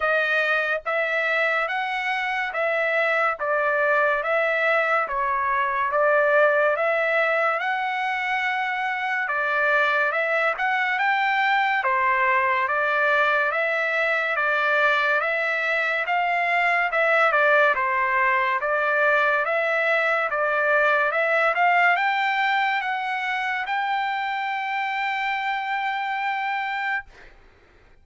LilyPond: \new Staff \with { instrumentName = "trumpet" } { \time 4/4 \tempo 4 = 71 dis''4 e''4 fis''4 e''4 | d''4 e''4 cis''4 d''4 | e''4 fis''2 d''4 | e''8 fis''8 g''4 c''4 d''4 |
e''4 d''4 e''4 f''4 | e''8 d''8 c''4 d''4 e''4 | d''4 e''8 f''8 g''4 fis''4 | g''1 | }